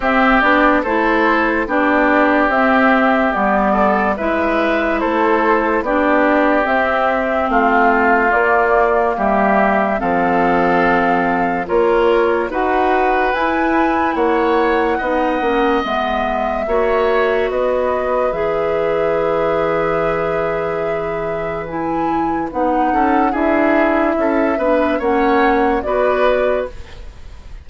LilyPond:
<<
  \new Staff \with { instrumentName = "flute" } { \time 4/4 \tempo 4 = 72 e''8 d''8 c''4 d''4 e''4 | d''4 e''4 c''4 d''4 | e''4 f''4 d''4 e''4 | f''2 cis''4 fis''4 |
gis''4 fis''2 e''4~ | e''4 dis''4 e''2~ | e''2 gis''4 fis''4 | e''2 fis''4 d''4 | }
  \new Staff \with { instrumentName = "oboe" } { \time 4/4 g'4 a'4 g'2~ | g'8 a'8 b'4 a'4 g'4~ | g'4 f'2 g'4 | a'2 ais'4 b'4~ |
b'4 cis''4 dis''2 | cis''4 b'2.~ | b'2.~ b'8 a'8 | gis'4 a'8 b'8 cis''4 b'4 | }
  \new Staff \with { instrumentName = "clarinet" } { \time 4/4 c'8 d'8 e'4 d'4 c'4 | b4 e'2 d'4 | c'2 ais2 | c'2 f'4 fis'4 |
e'2 dis'8 cis'8 b4 | fis'2 gis'2~ | gis'2 e'4 dis'4 | e'4. d'8 cis'4 fis'4 | }
  \new Staff \with { instrumentName = "bassoon" } { \time 4/4 c'8 b8 a4 b4 c'4 | g4 gis4 a4 b4 | c'4 a4 ais4 g4 | f2 ais4 dis'4 |
e'4 ais4 b8 ais8 gis4 | ais4 b4 e2~ | e2. b8 cis'8 | d'4 cis'8 b8 ais4 b4 | }
>>